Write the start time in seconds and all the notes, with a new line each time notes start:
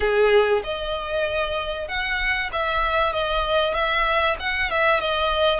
0.00 G#4
0.63 D#5
1.88 F#5
2.52 E5
3.12 D#5
3.73 E5
4.39 F#5
4.70 E5
4.99 D#5